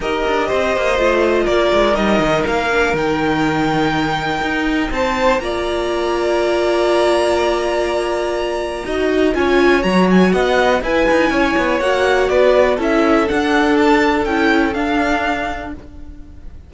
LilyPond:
<<
  \new Staff \with { instrumentName = "violin" } { \time 4/4 \tempo 4 = 122 dis''2. d''4 | dis''4 f''4 g''2~ | g''2 a''4 ais''4~ | ais''1~ |
ais''2. gis''4 | ais''8 gis''8 fis''4 gis''2 | fis''4 d''4 e''4 fis''4 | a''4 g''4 f''2 | }
  \new Staff \with { instrumentName = "violin" } { \time 4/4 ais'4 c''2 ais'4~ | ais'1~ | ais'2 c''4 d''4~ | d''1~ |
d''2 dis''4 cis''4~ | cis''4 dis''4 b'4 cis''4~ | cis''4 b'4 a'2~ | a'1 | }
  \new Staff \with { instrumentName = "viola" } { \time 4/4 g'2 f'2 | dis'4. d'8 dis'2~ | dis'2. f'4~ | f'1~ |
f'2 fis'4 f'4 | fis'2 e'2 | fis'2 e'4 d'4~ | d'4 e'4 d'2 | }
  \new Staff \with { instrumentName = "cello" } { \time 4/4 dis'8 d'8 c'8 ais8 a4 ais8 gis8 | g8 dis8 ais4 dis2~ | dis4 dis'4 c'4 ais4~ | ais1~ |
ais2 dis'4 cis'4 | fis4 b4 e'8 dis'8 cis'8 b8 | ais4 b4 cis'4 d'4~ | d'4 cis'4 d'2 | }
>>